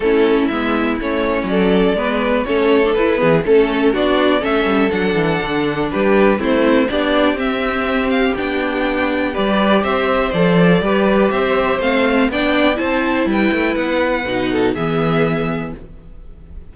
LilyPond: <<
  \new Staff \with { instrumentName = "violin" } { \time 4/4 \tempo 4 = 122 a'4 e''4 cis''4 d''4~ | d''4 cis''4 b'4 a'4 | d''4 e''4 fis''2 | b'4 c''4 d''4 e''4~ |
e''8 f''8 g''2 d''4 | e''4 d''2 e''4 | f''4 g''4 a''4 g''4 | fis''2 e''2 | }
  \new Staff \with { instrumentName = "violin" } { \time 4/4 e'2. a'4 | b'4 a'4. gis'8 a'4 | fis'4 a'2. | g'4 e'4 g'2~ |
g'2. b'4 | c''2 b'4 c''4~ | c''4 d''4 c''4 b'4~ | b'4. a'8 gis'2 | }
  \new Staff \with { instrumentName = "viola" } { \time 4/4 cis'4 b4 cis'2 | b4 cis'8. d'16 e'8 b8 cis'4 | d'4 cis'4 d'2~ | d'4 c'4 d'4 c'4~ |
c'4 d'2 g'4~ | g'4 a'4 g'2 | c'4 d'4 e'2~ | e'4 dis'4 b2 | }
  \new Staff \with { instrumentName = "cello" } { \time 4/4 a4 gis4 a4 fis4 | gis4 a4 e'8 e8 a4 | b4 a8 g8 fis8 e8 d4 | g4 a4 b4 c'4~ |
c'4 b2 g4 | c'4 f4 g4 c'4 | a4 b4 c'4 g8 a8 | b4 b,4 e2 | }
>>